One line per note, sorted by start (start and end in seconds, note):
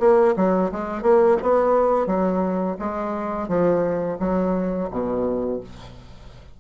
0.00 0.35 A#3
0.36 0.71 F#3
0.72 1.02 G#3
1.02 1.37 A#3
1.42 2.07 B3
2.07 2.77 F#3
2.79 3.48 G#3
3.48 4.18 F3
4.20 4.90 F#3
4.91 5.60 B2